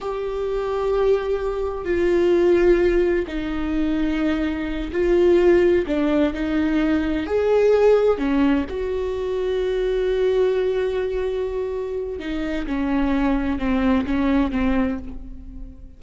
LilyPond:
\new Staff \with { instrumentName = "viola" } { \time 4/4 \tempo 4 = 128 g'1 | f'2. dis'4~ | dis'2~ dis'8 f'4.~ | f'8 d'4 dis'2 gis'8~ |
gis'4. cis'4 fis'4.~ | fis'1~ | fis'2 dis'4 cis'4~ | cis'4 c'4 cis'4 c'4 | }